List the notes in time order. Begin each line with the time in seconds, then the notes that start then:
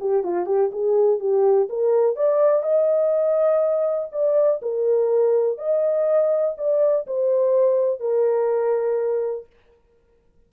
0.00 G4
0.23 F4
0.46 G4
0.72 G#4
1.20 G4
1.69 A#4
2.16 D5
2.63 D#5
4.12 D5
4.62 A#4
5.58 D#5
6.57 D5
7.07 C5
8.00 A#4